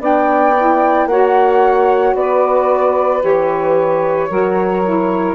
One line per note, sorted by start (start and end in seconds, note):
0.00 1.06 B3
0.00 0.54 D4
0.00 1.08 D5
0.00 1.08 G5
0.58 1.11 E4
1.06 2.13 A#3
1.06 3.21 F#4
1.06 2.17 C#5
1.06 2.15 F#5
2.15 3.22 B3
2.15 4.30 B4
2.15 3.23 D5
3.21 4.30 E3
3.21 4.29 G4
3.21 5.35 C#5
4.30 5.35 F#3
4.30 4.84 F#4
4.30 5.35 A#4
4.85 5.35 E4